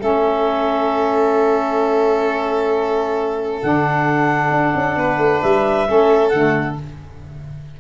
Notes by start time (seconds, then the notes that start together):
0.00 A3 C#4 A4 E5
3.63 D3 D4 F#5
4.51 D4
4.76 C#4
4.96 B3 B4
5.18 A3
5.42 G3 E5
5.87 A3 C#4 A4
6.29 D3 A3 F#5